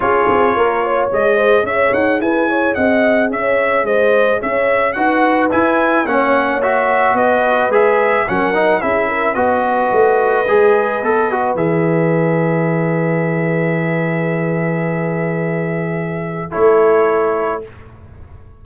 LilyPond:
<<
  \new Staff \with { instrumentName = "trumpet" } { \time 4/4 \tempo 4 = 109 cis''2 dis''4 e''8 fis''8 | gis''4 fis''4 e''4 dis''4 | e''4 fis''4 gis''4 fis''4 | e''4 dis''4 e''4 fis''4 |
e''4 dis''2.~ | dis''4 e''2.~ | e''1~ | e''2 cis''2 | }
  \new Staff \with { instrumentName = "horn" } { \time 4/4 gis'4 ais'8 cis''4 c''8 cis''4 | b'8 cis''8 dis''4 cis''4 c''4 | cis''4 b'2 cis''4~ | cis''4 b'2 ais'4 |
gis'8 ais'8 b'2.~ | b'1~ | b'1~ | b'2 a'2 | }
  \new Staff \with { instrumentName = "trombone" } { \time 4/4 f'2 gis'2~ | gis'1~ | gis'4 fis'4 e'4 cis'4 | fis'2 gis'4 cis'8 dis'8 |
e'4 fis'2 gis'4 | a'8 fis'8 gis'2.~ | gis'1~ | gis'2 e'2 | }
  \new Staff \with { instrumentName = "tuba" } { \time 4/4 cis'8 c'8 ais4 gis4 cis'8 dis'8 | e'4 c'4 cis'4 gis4 | cis'4 dis'4 e'4 ais4~ | ais4 b4 gis4 fis4 |
cis'4 b4 a4 gis4 | b4 e2.~ | e1~ | e2 a2 | }
>>